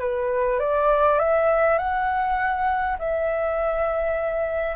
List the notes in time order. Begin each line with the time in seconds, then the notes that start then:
0.00 B4
0.60 D5
1.19 E5
1.78 F#5
2.99 E5